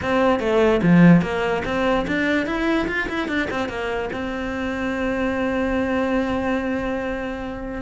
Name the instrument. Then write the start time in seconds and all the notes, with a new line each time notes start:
cello
0.01 C4
0.39 A3
0.82 F3
1.21 A#3
1.65 C4
2.07 D4
2.46 E4
2.87 F4
3.09 E4
3.27 D4
3.50 C4
3.68 A#3
4.12 C4